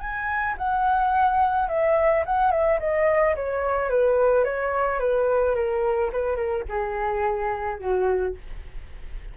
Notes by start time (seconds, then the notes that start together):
0.00 G#5
0.58 F#5
1.68 E5
2.26 F#5
2.52 E5
2.80 D#5
3.36 C#5
3.90 B4
4.44 C#5
4.99 B4
5.55 A#4
6.13 B4
6.36 A#4
6.69 G#4
7.79 F#4